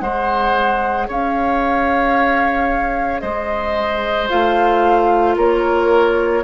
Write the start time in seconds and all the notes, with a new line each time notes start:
0.00 G#3 G#4 C5 F#5
1.08 C#4 C#5 F5
3.21 G#3 C5 D#5
4.29 A3 F4 F5
5.36 A#3 A#4 C#5